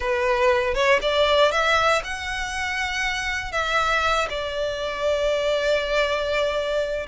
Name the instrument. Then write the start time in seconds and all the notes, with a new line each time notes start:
violin
0.00 B4
0.74 C#5
1.01 D5
1.51 E5
2.04 F#5
3.52 E5
4.29 D5